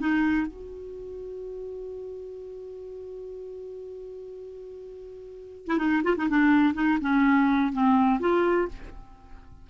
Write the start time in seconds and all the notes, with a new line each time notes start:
0.00 D#4
0.48 F#4
5.67 E4
5.78 D#4
6.04 F4
6.17 D#4
6.30 D4
6.75 D#4
7.02 C#4
7.73 C4
8.20 F4